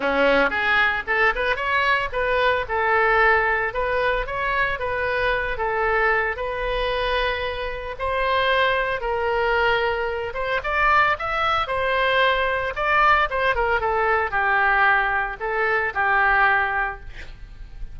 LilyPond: \new Staff \with { instrumentName = "oboe" } { \time 4/4 \tempo 4 = 113 cis'4 gis'4 a'8 b'8 cis''4 | b'4 a'2 b'4 | cis''4 b'4. a'4. | b'2. c''4~ |
c''4 ais'2~ ais'8 c''8 | d''4 e''4 c''2 | d''4 c''8 ais'8 a'4 g'4~ | g'4 a'4 g'2 | }